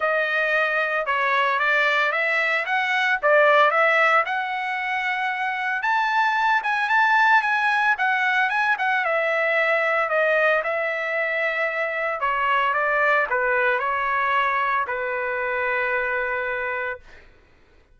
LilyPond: \new Staff \with { instrumentName = "trumpet" } { \time 4/4 \tempo 4 = 113 dis''2 cis''4 d''4 | e''4 fis''4 d''4 e''4 | fis''2. a''4~ | a''8 gis''8 a''4 gis''4 fis''4 |
gis''8 fis''8 e''2 dis''4 | e''2. cis''4 | d''4 b'4 cis''2 | b'1 | }